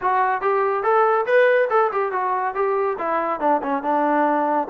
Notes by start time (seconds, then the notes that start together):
0.01 F#4
0.41 G4
0.83 A4
1.26 B4
1.69 A4
1.92 G4
2.12 F#4
2.54 G4
2.98 E4
3.40 D4
3.62 C#4
3.82 D4